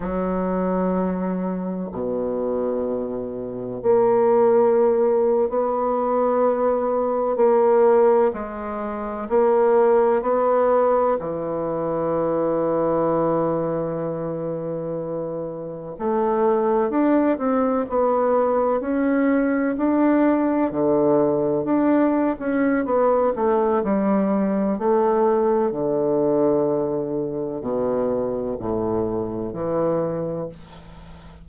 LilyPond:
\new Staff \with { instrumentName = "bassoon" } { \time 4/4 \tempo 4 = 63 fis2 b,2 | ais4.~ ais16 b2 ais16~ | ais8. gis4 ais4 b4 e16~ | e1~ |
e8. a4 d'8 c'8 b4 cis'16~ | cis'8. d'4 d4 d'8. cis'8 | b8 a8 g4 a4 d4~ | d4 b,4 a,4 e4 | }